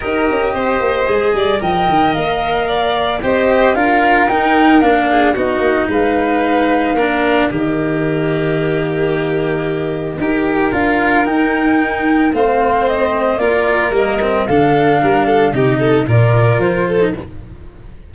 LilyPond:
<<
  \new Staff \with { instrumentName = "flute" } { \time 4/4 \tempo 4 = 112 dis''2. g''4 | f''2 dis''4 f''4 | g''4 f''4 dis''4 f''4~ | f''2 dis''2~ |
dis''1 | f''4 g''2 f''4 | dis''4 d''4 dis''4 f''4~ | f''4 dis''4 d''4 c''4 | }
  \new Staff \with { instrumentName = "violin" } { \time 4/4 ais'4 c''4. d''8 dis''4~ | dis''4 d''4 c''4 ais'4~ | ais'4. gis'8 fis'4 b'4~ | b'4 ais'4 g'2~ |
g'2. ais'4~ | ais'2. c''4~ | c''4 ais'2 a'4 | ais'8 a'8 g'8 a'8 ais'4. a'8 | }
  \new Staff \with { instrumentName = "cello" } { \time 4/4 g'2 gis'4 ais'4~ | ais'2 g'4 f'4 | dis'4 d'4 dis'2~ | dis'4 d'4 ais2~ |
ais2. g'4 | f'4 dis'2 c'4~ | c'4 f'4 ais8 c'8 d'4~ | d'4 dis'4 f'4.~ f'16 dis'16 | }
  \new Staff \with { instrumentName = "tuba" } { \time 4/4 dis'8 cis'8 c'8 ais8 gis8 g8 f8 dis8 | ais2 c'4 d'4 | dis'4 ais4 b8 ais8 gis4~ | gis4 ais4 dis2~ |
dis2. dis'4 | d'4 dis'2 a4~ | a4 ais4 g4 d4 | g4 c4 ais,4 f4 | }
>>